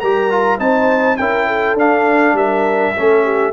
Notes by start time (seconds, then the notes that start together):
0.00 G3 G4 A#4 A#5
0.30 F4
0.59 C4 D#4 C5 A5
1.17 C#4 E4 A#4 G5
1.47 A4
1.74 D4 F5
2.33 G3 A#4 E5
2.96 A3 C#4 A4
3.23 G4